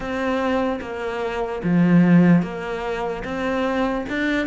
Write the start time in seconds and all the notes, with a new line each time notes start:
0.00 C4
0.80 A#3
1.63 F3
2.42 A#3
3.24 C4
4.09 D4